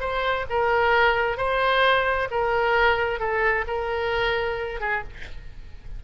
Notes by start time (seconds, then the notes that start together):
0.00 C5
0.50 A#4
1.37 C5
2.31 A#4
3.20 A4
3.67 A#4
4.80 G#4